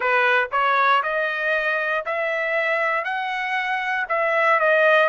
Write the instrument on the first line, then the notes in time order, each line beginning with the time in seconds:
trumpet
0.00 B4
0.51 C#5
1.03 D#5
2.05 E5
3.04 F#5
4.09 E5
4.59 D#5